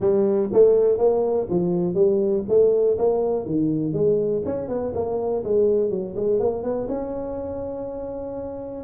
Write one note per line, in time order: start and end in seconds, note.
0.00 0.49 G3
0.52 0.98 A3
0.98 1.47 A#3
1.49 1.94 F3
1.94 2.43 G3
2.48 2.97 A3
2.98 3.45 A#3
3.45 3.93 D#3
3.93 4.42 G#3
4.45 4.68 C#4
4.68 4.92 B3
4.94 5.43 A#3
5.43 5.90 G#3
5.90 6.14 F#3
6.16 6.39 G#3
6.39 6.63 A#3
6.63 6.87 B3
6.88 8.84 C#4